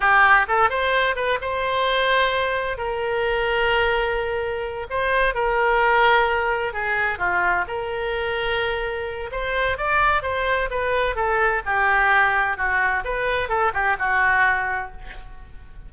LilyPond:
\new Staff \with { instrumentName = "oboe" } { \time 4/4 \tempo 4 = 129 g'4 a'8 c''4 b'8 c''4~ | c''2 ais'2~ | ais'2~ ais'8 c''4 ais'8~ | ais'2~ ais'8 gis'4 f'8~ |
f'8 ais'2.~ ais'8 | c''4 d''4 c''4 b'4 | a'4 g'2 fis'4 | b'4 a'8 g'8 fis'2 | }